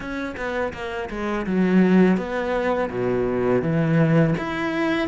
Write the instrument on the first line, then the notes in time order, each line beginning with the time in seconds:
cello
0.00 C#4
0.36 B3
0.73 A#3
1.10 G#3
1.46 F#3
2.17 B3
2.90 B2
3.61 E3
4.37 E4